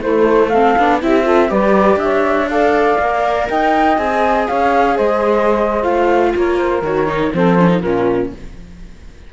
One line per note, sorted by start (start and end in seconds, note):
0.00 0.74 A3
0.00 0.52 A3
0.00 0.50 E4
0.00 0.49 C5
0.49 0.79 C4
0.49 0.99 A4
0.49 0.99 F5
0.78 1.03 B3
0.78 1.02 D4
1.02 1.51 C4
1.02 1.23 E4
1.02 1.24 G4
1.02 1.51 E5
1.23 1.48 F4
1.23 1.48 A4
1.48 1.96 G3
1.48 2.47 G4
1.48 1.98 B4
1.48 1.99 D5
1.96 2.95 D4
1.96 2.49 E5
2.02 2.50 C#5
2.49 3.00 A4
2.49 3.50 D5
2.49 3.48 F5
2.99 3.49 A#3
2.99 3.96 A#4
3.49 3.98 D#4
3.49 4.47 D#5
3.49 3.98 G5
3.96 4.48 C4
3.96 5.82 G#4
3.96 4.48 G#5
4.47 4.99 C#4
4.47 4.95 C#5
4.47 4.97 F5
4.95 5.84 G#3
4.95 6.32 C5
4.95 5.83 D#5
5.82 6.33 A3
5.82 6.81 F4
5.82 6.33 F5
6.36 6.82 A#3
6.36 7.33 A#4
6.36 6.58 C#5
6.58 6.83 C5
6.82 7.31 D#3
6.82 7.07 F#4
6.82 7.34 C#5
7.07 7.31 D#4
7.33 7.83 F3
7.33 7.59 C4
7.33 7.81 A4
7.33 7.81 C5
7.59 7.68 C#4
7.68 7.81 D#4
7.81 8.32 A#2
7.81 8.33 C#4
7.81 8.30 F4
7.81 8.30 A#4